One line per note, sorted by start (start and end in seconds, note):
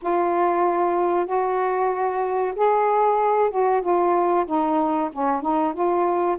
0.02 1.26 F4
1.26 2.54 F#4
2.55 3.50 G#4
3.50 3.81 F#4
3.81 4.45 F4
4.46 5.09 D#4
5.12 5.41 C#4
5.41 5.73 D#4
5.73 6.37 F4